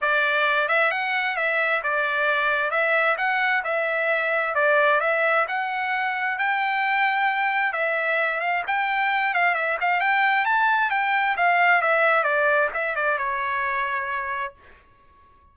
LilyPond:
\new Staff \with { instrumentName = "trumpet" } { \time 4/4 \tempo 4 = 132 d''4. e''8 fis''4 e''4 | d''2 e''4 fis''4 | e''2 d''4 e''4 | fis''2 g''2~ |
g''4 e''4. f''8 g''4~ | g''8 f''8 e''8 f''8 g''4 a''4 | g''4 f''4 e''4 d''4 | e''8 d''8 cis''2. | }